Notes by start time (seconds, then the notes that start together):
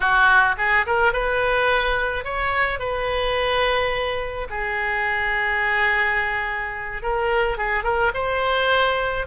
0.00 F#4
0.57 G#4
0.86 A#4
1.12 B4
2.24 C#5
2.79 B4
4.50 G#4
7.02 A#4
7.57 G#4
7.83 A#4
8.14 C5